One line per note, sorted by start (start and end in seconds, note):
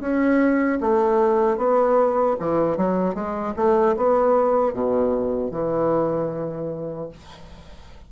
0.00 0.79 C#4
0.80 1.57 A3
1.57 2.36 B3
2.39 2.77 E3
2.77 3.14 F#3
3.14 3.54 G#3
3.56 3.95 A3
3.97 4.73 B3
4.73 5.51 B2
5.51 7.09 E3